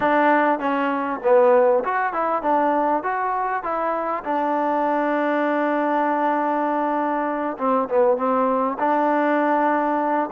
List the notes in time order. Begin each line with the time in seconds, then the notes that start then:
0.00 D4
0.59 C#4
1.23 B3
1.84 F#4
2.13 E4
2.42 D4
3.03 F#4
3.63 E4
4.23 D4
7.58 C4
7.88 B3
8.17 C4
8.78 D4